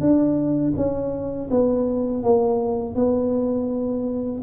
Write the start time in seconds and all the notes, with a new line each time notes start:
0.00 D4
0.76 C#4
1.50 B3
2.23 A#3
2.95 B3